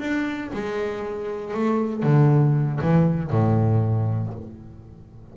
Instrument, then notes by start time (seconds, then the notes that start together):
double bass
0.00 D4
0.54 G#3
1.54 A3
2.03 D3
2.82 E3
3.31 A2